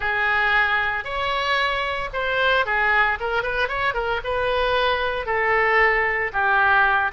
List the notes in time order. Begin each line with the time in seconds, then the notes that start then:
0.00 G#4
1.04 C#5
2.13 C5
2.65 G#4
3.20 A#4
3.42 B4
3.68 C#5
3.94 A#4
4.24 B4
5.26 A4
6.32 G4